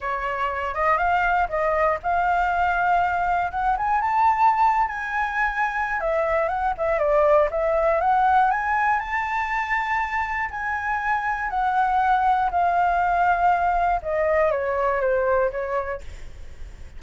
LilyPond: \new Staff \with { instrumentName = "flute" } { \time 4/4 \tempo 4 = 120 cis''4. dis''8 f''4 dis''4 | f''2. fis''8 gis''8 | a''4.~ a''16 gis''2~ gis''16 | e''4 fis''8 e''8 d''4 e''4 |
fis''4 gis''4 a''2~ | a''4 gis''2 fis''4~ | fis''4 f''2. | dis''4 cis''4 c''4 cis''4 | }